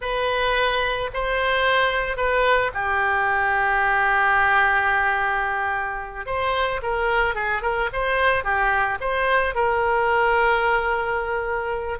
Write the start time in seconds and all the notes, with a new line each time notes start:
0.01 B4
1.13 C5
2.16 B4
2.73 G4
6.26 C5
6.82 A#4
7.34 G#4
7.62 A#4
7.92 C5
8.43 G4
9.00 C5
9.54 A#4